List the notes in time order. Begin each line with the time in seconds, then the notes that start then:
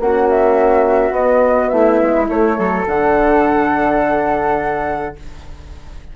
0.00 A#3 C#4 F#4 F#5
0.29 E5
1.11 B3 D#5
1.69 A3 E4 E5
2.02 G#3
2.28 A3 C#5
2.59 F#3 A4
2.87 D3 D4 F#5